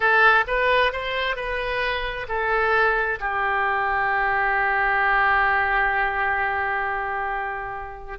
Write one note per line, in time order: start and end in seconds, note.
0.00 0.44 A4
0.47 0.92 B4
0.92 1.36 C5
1.36 2.26 B4
2.28 3.19 A4
3.19 8.19 G4